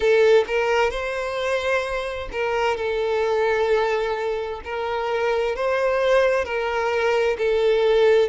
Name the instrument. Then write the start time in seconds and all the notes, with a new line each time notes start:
violin
0.00 A4
0.47 A#4
0.90 C5
2.32 A#4
2.77 A4
4.64 A#4
5.56 C5
6.44 A#4
7.38 A4